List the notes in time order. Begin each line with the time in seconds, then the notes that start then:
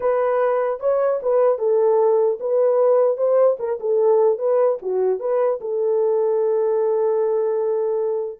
0.00 B4
0.80 C#5
1.22 B4
1.58 A4
2.40 B4
3.17 C5
3.59 A#4
3.80 A4
4.38 B4
4.81 F#4
5.19 B4
5.60 A4